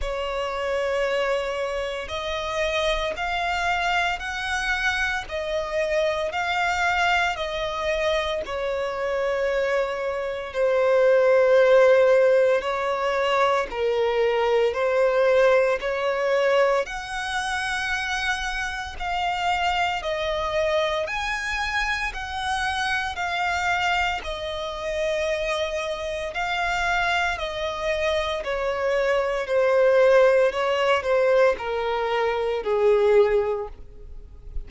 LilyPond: \new Staff \with { instrumentName = "violin" } { \time 4/4 \tempo 4 = 57 cis''2 dis''4 f''4 | fis''4 dis''4 f''4 dis''4 | cis''2 c''2 | cis''4 ais'4 c''4 cis''4 |
fis''2 f''4 dis''4 | gis''4 fis''4 f''4 dis''4~ | dis''4 f''4 dis''4 cis''4 | c''4 cis''8 c''8 ais'4 gis'4 | }